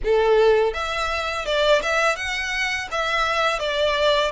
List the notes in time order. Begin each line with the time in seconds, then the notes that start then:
0.04 A4
0.73 E5
1.45 D5
1.82 E5
2.16 F#5
2.91 E5
3.59 D5